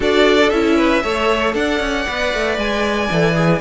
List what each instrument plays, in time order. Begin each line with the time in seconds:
0.00 cello D4, viola F#4, violin A4 D5
0.49 cello C#4, viola E4, violin E5
0.77 violin B4
1.03 cello A3, viola A4, violin C#5
1.54 cello D4, violin D5 F#5
1.79 cello C#4
2.06 cello B3, viola B4
2.33 cello A3
2.57 cello G#3, violin G#5
3.10 cello E3, viola A4
3.34 viola G#4